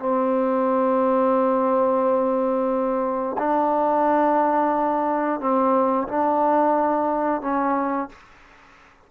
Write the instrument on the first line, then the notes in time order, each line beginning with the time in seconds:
trombone
0.00 C4
3.39 D4
5.41 C4
6.08 D4
7.42 C#4